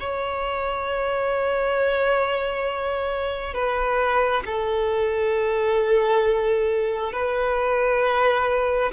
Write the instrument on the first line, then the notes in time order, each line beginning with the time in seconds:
violin
0.00 C#5
3.54 B4
4.46 A4
7.13 B4